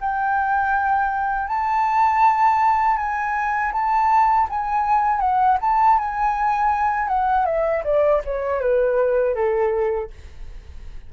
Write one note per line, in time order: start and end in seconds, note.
0.00 1.47 G5
1.47 2.97 A5
2.97 3.72 G#5
3.72 4.47 A5
4.49 5.20 G#5
5.20 5.57 F#5
5.61 5.98 A5
5.98 7.08 G#5
7.08 7.45 F#5
7.46 7.83 E5
7.84 8.21 D5
8.24 8.60 C#5
8.60 9.35 B4
9.35 10.10 A4